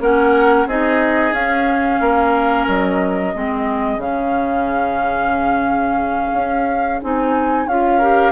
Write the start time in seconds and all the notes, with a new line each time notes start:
0.00 A#3 C#4 A#4 F#5
0.66 C4 D#4 G#4 D#5
1.32 C#4 F5
2.00 A#3 A#4
2.67 F#3 D#5
3.34 G#3 C4 G#4
3.97 C#3 C#4 F5
6.33 C#4
7.02 C4 D#4 G#5
7.67 C#4 F4 F5
7.98 G4 A#4